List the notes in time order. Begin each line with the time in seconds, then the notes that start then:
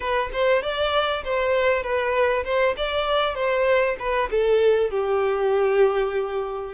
0.00 B4
0.32 C5
0.62 D5
1.24 C5
1.82 B4
2.44 C5
2.76 D5
3.35 C5
3.99 B4
4.31 A4
4.90 G4